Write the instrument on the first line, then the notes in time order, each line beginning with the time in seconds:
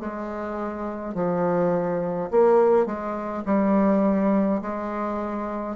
bassoon
0.00 G#3
1.15 F3
2.31 A#3
2.86 G#3
3.46 G3
4.62 G#3